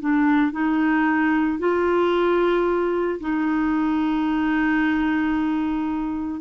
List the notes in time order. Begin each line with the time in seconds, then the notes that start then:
0.00 D4
0.51 D#4
1.59 F4
3.20 D#4